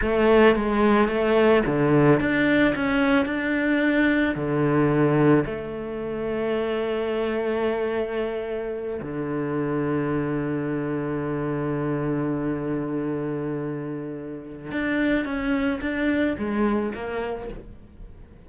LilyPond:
\new Staff \with { instrumentName = "cello" } { \time 4/4 \tempo 4 = 110 a4 gis4 a4 d4 | d'4 cis'4 d'2 | d2 a2~ | a1~ |
a8 d2.~ d8~ | d1~ | d2. d'4 | cis'4 d'4 gis4 ais4 | }